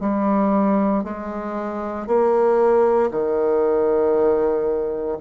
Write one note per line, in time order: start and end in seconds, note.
0.00 1.03 G3
1.03 2.06 G#3
2.06 3.10 A#3
3.10 5.17 D#3